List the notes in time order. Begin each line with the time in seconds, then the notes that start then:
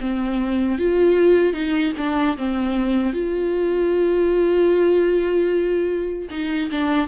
0.00 C4
0.79 F4
1.53 D#4
1.97 D4
2.37 C4
3.13 F4
6.30 D#4
6.71 D4